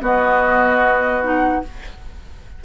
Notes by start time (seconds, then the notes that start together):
0.00 B3 F#4 D#5
1.22 D#4 F#5